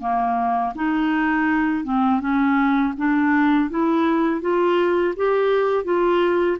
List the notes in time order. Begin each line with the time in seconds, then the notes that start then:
0.00 A#3
0.75 D#4
1.84 C4
2.21 C#4
2.97 D4
3.70 E4
4.41 F4
5.17 G4
5.84 F4